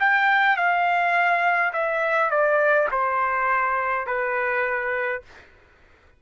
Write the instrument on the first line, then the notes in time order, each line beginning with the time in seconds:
trumpet
0.00 G5
0.57 F5
1.73 E5
2.31 D5
2.92 C5
4.07 B4